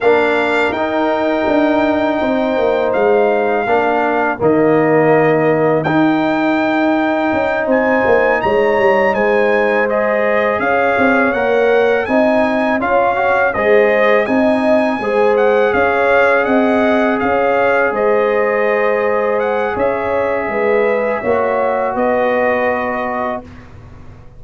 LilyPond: <<
  \new Staff \with { instrumentName = "trumpet" } { \time 4/4 \tempo 4 = 82 f''4 g''2. | f''2 dis''2 | g''2~ g''8 gis''4 ais''8~ | ais''8 gis''4 dis''4 f''4 fis''8~ |
fis''8 gis''4 f''4 dis''4 gis''8~ | gis''4 fis''8 f''4 fis''4 f''8~ | f''8 dis''2 fis''8 e''4~ | e''2 dis''2 | }
  \new Staff \with { instrumentName = "horn" } { \time 4/4 ais'2. c''4~ | c''4 ais'2.~ | ais'2~ ais'8 c''4 cis''8~ | cis''8 c''2 cis''4.~ |
cis''8 dis''4 cis''4 c''4 dis''8~ | dis''8 c''4 cis''4 dis''4 cis''8~ | cis''8 c''2~ c''8 cis''4 | b'4 cis''4 b'2 | }
  \new Staff \with { instrumentName = "trombone" } { \time 4/4 d'4 dis'2.~ | dis'4 d'4 ais2 | dis'1~ | dis'4. gis'2 ais'8~ |
ais'8 dis'4 f'8 fis'8 gis'4 dis'8~ | dis'8 gis'2.~ gis'8~ | gis'1~ | gis'4 fis'2. | }
  \new Staff \with { instrumentName = "tuba" } { \time 4/4 ais4 dis'4 d'4 c'8 ais8 | gis4 ais4 dis2 | dis'2 cis'8 c'8 ais8 gis8 | g8 gis2 cis'8 c'8 ais8~ |
ais8 c'4 cis'4 gis4 c'8~ | c'8 gis4 cis'4 c'4 cis'8~ | cis'8 gis2~ gis8 cis'4 | gis4 ais4 b2 | }
>>